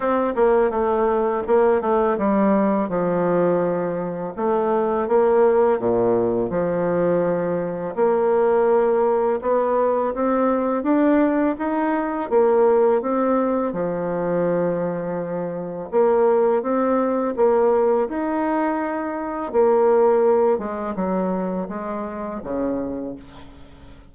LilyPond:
\new Staff \with { instrumentName = "bassoon" } { \time 4/4 \tempo 4 = 83 c'8 ais8 a4 ais8 a8 g4 | f2 a4 ais4 | ais,4 f2 ais4~ | ais4 b4 c'4 d'4 |
dis'4 ais4 c'4 f4~ | f2 ais4 c'4 | ais4 dis'2 ais4~ | ais8 gis8 fis4 gis4 cis4 | }